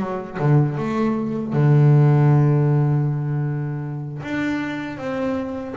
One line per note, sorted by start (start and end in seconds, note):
0.00 0.38 F#3
0.40 0.78 D3
0.78 1.53 A3
1.53 4.23 D3
4.23 4.98 D4
4.98 5.75 C4